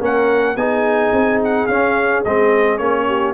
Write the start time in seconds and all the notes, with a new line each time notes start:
0.00 A#3 C#4 A#4 F#5
0.55 B3 D#4 G#4 G#5
1.12 C4
1.44 F#5
1.66 C#4 F5
2.24 G#3 C4 D#5
2.78 A#3 C#4 C#5
3.07 G4